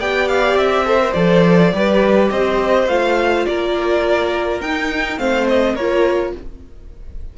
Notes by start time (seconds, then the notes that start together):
0.00 B3 G4 D5 G5
0.28 F5
0.55 C4 E5
0.86 A4 C5
0.99 A#4
1.13 F3 A4 D5
1.72 G3 G4 B4
2.31 C4 C5 D#5
2.88 A3 F4 F5
3.46 A#3 A#4 D5
4.61 D#4 G5
5.18 A3 C4 C5 F5
5.48 D#5
5.75 A#3 F4 A#4 C#5